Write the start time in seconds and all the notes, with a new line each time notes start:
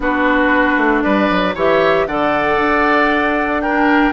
0.00 B3 D4 F#4 B4
0.77 A3
1.02 G3 B4 D5
1.29 F#3
1.54 E3 G4 C#5 E5
2.06 D3 A4 D5 F#5
2.56 D4
3.60 D4 A#4 G5